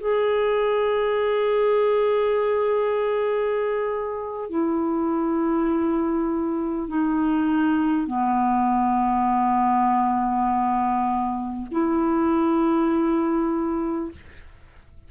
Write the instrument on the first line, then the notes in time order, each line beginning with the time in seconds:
clarinet
0.00 G#4
4.50 E4
6.88 D#4
8.07 B3
11.71 E4